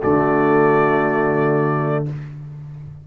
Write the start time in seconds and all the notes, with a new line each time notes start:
0.00 D3 A3 F#4 D5